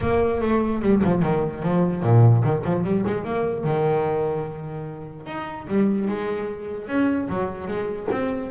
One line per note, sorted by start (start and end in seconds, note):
0.00 0.41 A#3
0.41 0.81 A3
0.82 1.02 G3
1.03 1.22 F3
1.22 1.63 D#3
1.63 2.03 F3
2.03 2.43 A#2
2.43 2.63 D#3
2.64 2.84 F3
2.84 3.04 G3
3.06 3.24 G#3
3.24 3.64 A#3
3.64 5.26 D#3
5.26 5.66 D#4
5.67 6.08 G3
6.08 6.87 G#3
6.87 7.28 C#4
7.28 7.67 F#3
7.67 8.08 G#3
8.11 8.51 C4